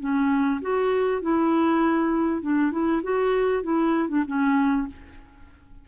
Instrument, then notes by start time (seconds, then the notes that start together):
clarinet
0.00 C#4
0.61 F#4
1.22 E4
2.42 D4
2.72 E4
3.03 F#4
3.63 E4
4.09 D4
4.27 C#4